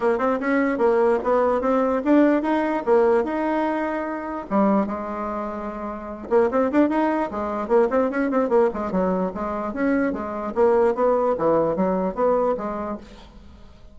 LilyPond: \new Staff \with { instrumentName = "bassoon" } { \time 4/4 \tempo 4 = 148 ais8 c'8 cis'4 ais4 b4 | c'4 d'4 dis'4 ais4 | dis'2. g4 | gis2.~ gis8 ais8 |
c'8 d'8 dis'4 gis4 ais8 c'8 | cis'8 c'8 ais8 gis8 fis4 gis4 | cis'4 gis4 ais4 b4 | e4 fis4 b4 gis4 | }